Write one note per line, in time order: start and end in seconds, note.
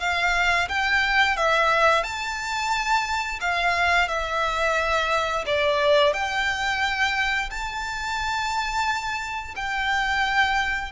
0.00 0.68 F5
0.69 1.37 G5
1.37 2.04 E5
2.04 3.40 A5
3.41 4.08 F5
4.08 5.45 E5
5.46 6.14 D5
6.14 7.50 G5
7.50 9.55 A5
9.56 10.92 G5